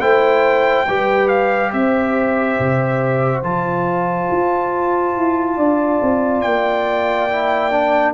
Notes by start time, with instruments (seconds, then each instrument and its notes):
0.00 tuba A3, trombone E4, horn C5, trumpet G5
0.87 tuba G3, trombone G4, horn B4
1.28 trumpet F5
1.72 tuba C4, horn C5, trumpet E5
2.59 tuba C3
3.43 tuba F3, trombone F4, trumpet A5
4.30 tuba F4
5.16 tuba E4
5.56 tuba D4, horn D5
6.02 tuba C4
6.41 tuba A#3, trumpet G5
7.29 trombone E4
7.71 trombone D4